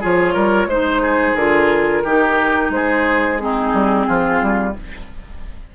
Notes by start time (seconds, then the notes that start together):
0.00 F3 F4 G#4 C#5
0.33 G3 A#4
0.66 G#3 D#4 C5
1.02 G#4
1.35 D3 F4 A#4
2.04 D#3 D#4 G4
2.70 G#3 G#4 C5
3.38 C4 D#4 G#4
3.73 G3
4.07 F3 F4
4.41 G3